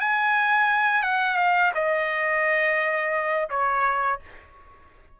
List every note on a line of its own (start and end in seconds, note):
0.00 1.02 G#5
1.02 1.37 F#5
1.37 1.72 F5
1.74 3.49 D#5
3.49 4.19 C#5